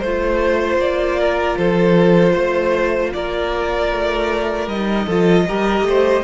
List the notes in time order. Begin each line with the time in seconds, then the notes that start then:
0.00 A3 F4 C5
0.77 A#3 D5
1.20 A#4
1.57 F3 A4 C5
2.33 A3 C5
3.13 A#3 A#4 D5
3.92 A3
4.67 G3 D#4 D#5
5.06 F3 F4 A4
5.48 G3 G4 A#4
5.82 A3
5.89 C5